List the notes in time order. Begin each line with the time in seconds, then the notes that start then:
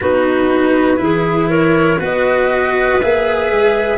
0.00 B3 D#4 F#4 B4
0.96 E3 E4 G#4
1.49 A#4 C#5
1.99 B3 F#4 B4 D#5
3.01 A#3 G#4 E5
3.50 G#3